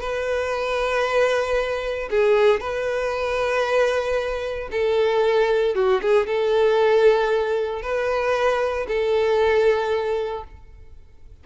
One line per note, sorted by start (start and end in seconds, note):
0.00 2.09 B4
2.10 2.60 G#4
2.60 4.69 B4
4.71 5.75 A4
5.75 6.01 F#4
6.01 6.26 G#4
6.26 7.82 A4
7.82 8.86 B4
8.87 10.44 A4